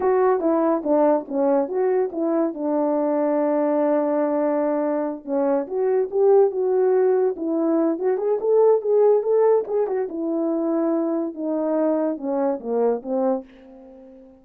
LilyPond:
\new Staff \with { instrumentName = "horn" } { \time 4/4 \tempo 4 = 143 fis'4 e'4 d'4 cis'4 | fis'4 e'4 d'2~ | d'1~ | d'8 cis'4 fis'4 g'4 fis'8~ |
fis'4. e'4. fis'8 gis'8 | a'4 gis'4 a'4 gis'8 fis'8 | e'2. dis'4~ | dis'4 cis'4 ais4 c'4 | }